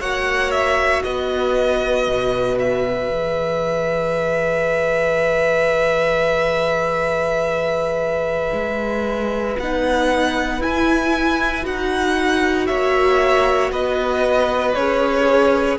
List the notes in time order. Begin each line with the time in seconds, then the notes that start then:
0.00 A#3 F#4 C#5 F#5
0.52 E5
1.04 B3 B4 D#5
2.08 B2
2.59 E5
3.10 E3 G#4
8.53 G#3
9.59 B3 D#4 F#5
10.60 E4 G#5
11.64 D#4 F#4 F#5
12.67 A#3 C#5 E5
13.72 B3 B4 D#5
14.75 C#4 G#4 C#5